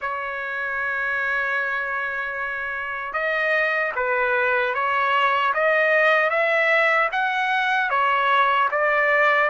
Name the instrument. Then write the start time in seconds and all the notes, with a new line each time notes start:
trumpet
0.01 C#5
3.13 D#5
3.95 B4
4.74 C#5
5.54 D#5
6.30 E5
7.12 F#5
7.89 C#5
8.71 D5